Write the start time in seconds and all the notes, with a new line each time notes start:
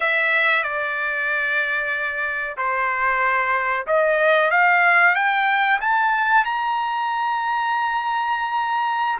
0.00 E5
0.63 D5
2.57 C5
3.87 D#5
4.50 F5
5.15 G5
5.81 A5
6.45 A#5